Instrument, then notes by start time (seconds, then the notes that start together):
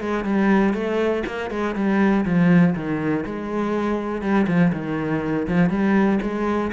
cello
0.00 G#3
0.24 G3
0.74 A3
1.26 A#3
1.50 G#3
1.75 G3
2.25 F3
2.75 D#3
3.25 G#3
4.21 G3
4.47 F3
4.73 D#3
5.47 F3
5.70 G3
6.22 G#3